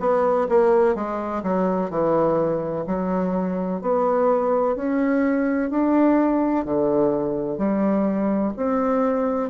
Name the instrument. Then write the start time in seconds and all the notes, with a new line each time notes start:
bassoon
0.00 B3
0.49 A#3
0.95 G#3
1.43 F#3
1.90 E3
2.87 F#3
3.82 B3
4.76 C#4
5.71 D4
6.65 D3
7.58 G3
8.57 C4